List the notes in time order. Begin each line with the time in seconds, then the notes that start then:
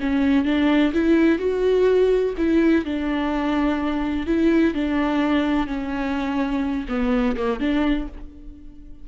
0.00 C#4
0.45 D4
0.93 E4
1.38 F#4
2.37 E4
2.85 D4
4.27 E4
4.74 D4
5.67 C#4
6.88 B3
7.37 A#3
7.60 D4